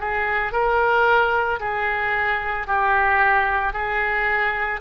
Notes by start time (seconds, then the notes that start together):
0.00 G#4
0.52 A#4
1.60 G#4
2.67 G4
3.73 G#4